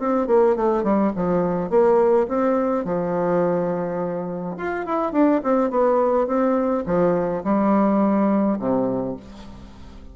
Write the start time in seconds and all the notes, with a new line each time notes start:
0.00 C4
0.28 A#3
0.56 A3
0.84 G3
1.16 F3
1.70 A#3
2.29 C4
2.85 F3
4.58 F4
4.86 E4
5.13 D4
5.44 C4
5.71 B3
6.27 C4
6.86 F3
7.44 G3
8.59 C3